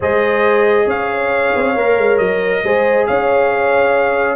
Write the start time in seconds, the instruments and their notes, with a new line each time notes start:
0.00 tuba G#3, trombone G#4, horn C5, trumpet D#5
0.86 tuba C#4, horn C#5, trumpet F5
1.55 tuba C4
1.75 tuba A#3, trombone A#4
1.97 tuba G#3
2.18 tuba F#3, trumpet D#5
2.64 tuba G#3, trombone G#4, horn C5
3.06 tuba C#4, horn C#5, trumpet F5